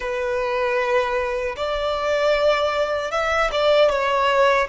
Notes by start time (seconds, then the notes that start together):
0.00 B4
1.56 D5
3.11 E5
3.51 D5
3.89 C#5